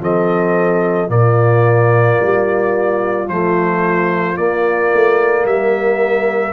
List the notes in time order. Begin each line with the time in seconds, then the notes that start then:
0.00 F3 C4 A4 D#5
1.07 A#2 A#3 F4 D5
2.21 G3
3.28 F3 A3 C5
4.36 A#3 D5
4.93 A3
5.45 G3 A#4 E5